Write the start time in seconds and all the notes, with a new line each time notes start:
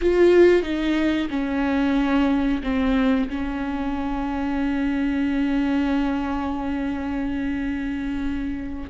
0.01 F4
0.62 D#4
1.29 C#4
2.63 C4
3.29 C#4